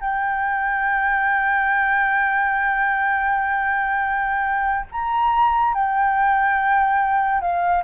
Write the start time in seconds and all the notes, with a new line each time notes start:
0.00 G5
4.91 A#5
5.74 G5
7.41 F5